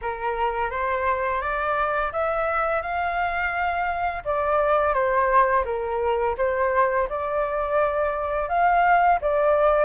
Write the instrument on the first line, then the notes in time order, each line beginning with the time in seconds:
flute
0.01 A#4
0.70 C5
1.41 D5
2.12 E5
2.82 F5
4.24 D5
4.93 C5
5.65 A#4
6.37 C5
7.09 D5
8.48 F5
9.21 D5